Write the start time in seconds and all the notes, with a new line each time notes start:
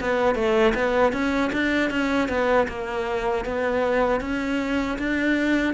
0.00 B3
0.35 A3
0.74 B3
1.12 C#4
1.52 D4
1.90 C#4
2.28 B3
2.68 A#3
3.45 B3
4.21 C#4
4.98 D4